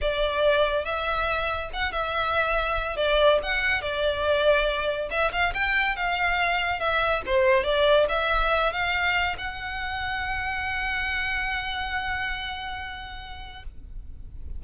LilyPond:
\new Staff \with { instrumentName = "violin" } { \time 4/4 \tempo 4 = 141 d''2 e''2 | fis''8 e''2~ e''8 d''4 | fis''4 d''2. | e''8 f''8 g''4 f''2 |
e''4 c''4 d''4 e''4~ | e''8 f''4. fis''2~ | fis''1~ | fis''1 | }